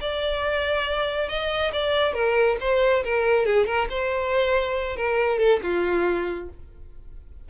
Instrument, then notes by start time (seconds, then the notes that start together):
violin
0.00 D5
1.28 D#5
1.73 D5
2.13 A#4
2.60 C5
3.04 A#4
3.45 G#4
3.66 A#4
3.90 C5
4.96 A#4
5.38 A4
5.63 F4